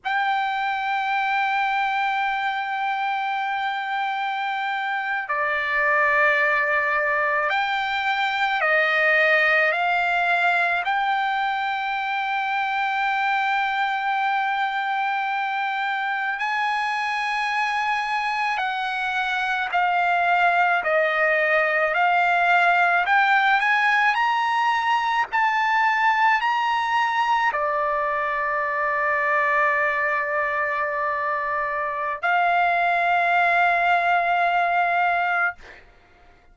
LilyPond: \new Staff \with { instrumentName = "trumpet" } { \time 4/4 \tempo 4 = 54 g''1~ | g''8. d''2 g''4 dis''16~ | dis''8. f''4 g''2~ g''16~ | g''2~ g''8. gis''4~ gis''16~ |
gis''8. fis''4 f''4 dis''4 f''16~ | f''8. g''8 gis''8 ais''4 a''4 ais''16~ | ais''8. d''2.~ d''16~ | d''4 f''2. | }